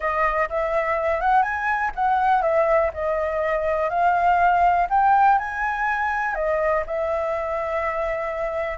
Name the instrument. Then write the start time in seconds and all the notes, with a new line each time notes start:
flute
0.00 D#5
0.49 E5
1.20 F#5
1.42 G#5
1.95 F#5
2.42 E5
2.93 D#5
3.89 F5
4.89 G5
5.38 G#5
6.34 D#5
6.86 E5